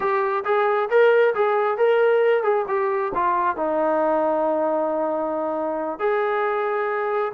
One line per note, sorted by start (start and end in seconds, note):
0.00 0.44 G4
0.44 0.89 G#4
0.90 1.34 A#4
1.34 1.77 G#4
1.77 2.43 A#4
2.43 2.65 G#4
2.68 3.12 G4
3.14 3.56 F4
3.56 5.99 D#4
5.99 7.32 G#4